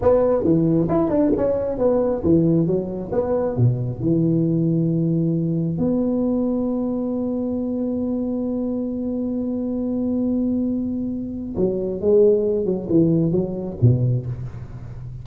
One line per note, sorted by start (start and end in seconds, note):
0.01 0.43 B3
0.43 0.87 E3
0.88 1.09 E4
1.09 1.31 D4
1.37 1.78 C#4
1.78 2.22 B3
2.23 2.66 E3
2.66 3.11 F#3
3.12 3.56 B3
3.56 4.00 B2
4.00 5.78 E3
5.78 11.55 B3
11.56 12.00 F#3
12.00 12.65 G#3
12.65 12.87 F#3
12.89 13.31 E3
13.31 13.76 F#3
13.81 14.25 B2